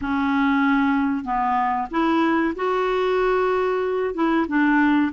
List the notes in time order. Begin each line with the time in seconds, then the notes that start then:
0.01 C#4
1.24 B3
1.90 E4
2.55 F#4
4.14 E4
4.48 D4